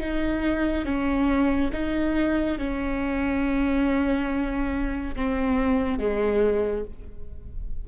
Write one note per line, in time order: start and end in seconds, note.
0.00 0.85 D#4
0.85 1.71 C#4
1.73 2.58 D#4
2.58 5.15 C#4
5.16 5.99 C4
5.99 6.85 G#3